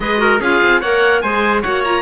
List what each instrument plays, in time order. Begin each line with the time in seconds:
0.00 cello G#3, clarinet G#4, trumpet B4, oboe D#5
0.17 clarinet F#4, trumpet A#4
0.40 cello C#4, clarinet F4, trumpet G#4, oboe F5
0.62 cello C4
0.80 cello A#3, clarinet A#4, trumpet C#5, oboe F#5
1.21 cello G#3, clarinet G#4, trumpet C5, oboe G#5
1.61 cello A#3, clarinet F#4, trumpet C#5, oboe F#5
1.84 clarinet F4, oboe A#5